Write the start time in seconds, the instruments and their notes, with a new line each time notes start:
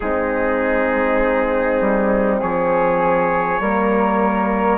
0.00 bassoon G#3, horn C4, flute D#4, trumpet G#4
1.80 bassoon G3
2.40 bassoon F3, flute G#4, trumpet C#5
3.60 bassoon G3, horn A#3, flute A#4